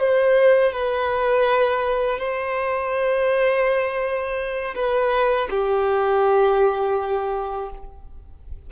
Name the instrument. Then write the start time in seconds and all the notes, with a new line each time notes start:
violin
0.00 C5
0.73 B4
2.19 C5
4.75 B4
5.50 G4